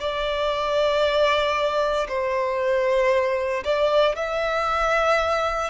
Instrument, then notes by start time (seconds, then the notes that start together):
violin
0.00 D5
2.08 C5
3.64 D5
4.16 E5